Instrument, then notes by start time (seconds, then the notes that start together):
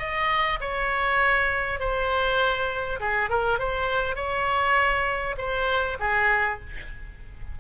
oboe
0.00 D#5
0.61 C#5
1.80 C5
3.01 G#4
3.30 A#4
3.59 C5
4.16 C#5
5.38 C5
6.00 G#4